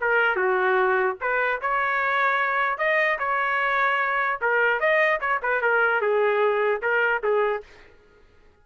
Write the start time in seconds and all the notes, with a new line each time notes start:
0.00 A#4
0.35 F#4
1.20 B4
1.61 C#5
2.78 D#5
3.18 C#5
4.41 A#4
4.79 D#5
5.20 C#5
5.42 B4
5.61 A#4
6.01 G#4
6.82 A#4
7.23 G#4